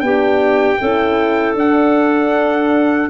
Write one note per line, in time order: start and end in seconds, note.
0.00 0.78 B3
0.00 0.79 D4
0.00 0.80 G4
0.00 1.54 G5
0.80 1.55 C#4
0.80 1.57 E4
0.80 3.10 A4
1.55 3.09 D4
1.55 3.10 D4
1.55 3.10 F#5